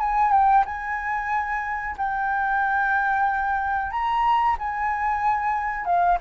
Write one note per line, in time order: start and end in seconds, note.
0.00 0.32 G#5
0.32 0.65 G5
0.66 1.96 G#5
1.98 3.91 G5
3.91 4.57 A#5
4.59 5.85 G#5
5.85 6.18 F5